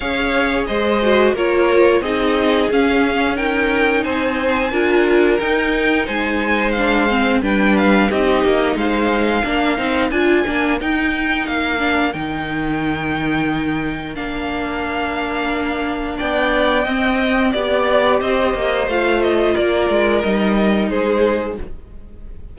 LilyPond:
<<
  \new Staff \with { instrumentName = "violin" } { \time 4/4 \tempo 4 = 89 f''4 dis''4 cis''4 dis''4 | f''4 g''4 gis''2 | g''4 gis''4 f''4 g''8 f''8 | dis''4 f''2 gis''4 |
g''4 f''4 g''2~ | g''4 f''2. | g''2 d''4 dis''4 | f''8 dis''8 d''4 dis''4 c''4 | }
  \new Staff \with { instrumentName = "violin" } { \time 4/4 cis''4 c''4 ais'4 gis'4~ | gis'4 ais'4 c''4 ais'4~ | ais'4 c''2 b'4 | g'4 c''4 ais'2~ |
ais'1~ | ais'1 | d''4 dis''4 d''4 c''4~ | c''4 ais'2 gis'4 | }
  \new Staff \with { instrumentName = "viola" } { \time 4/4 gis'4. fis'8 f'4 dis'4 | cis'4 dis'2 f'4 | dis'2 d'8 c'8 d'4 | dis'2 d'8 dis'8 f'8 d'8 |
dis'4. d'8 dis'2~ | dis'4 d'2.~ | d'4 c'4 g'2 | f'2 dis'2 | }
  \new Staff \with { instrumentName = "cello" } { \time 4/4 cis'4 gis4 ais4 c'4 | cis'2 c'4 d'4 | dis'4 gis2 g4 | c'8 ais8 gis4 ais8 c'8 d'8 ais8 |
dis'4 ais4 dis2~ | dis4 ais2. | b4 c'4 b4 c'8 ais8 | a4 ais8 gis8 g4 gis4 | }
>>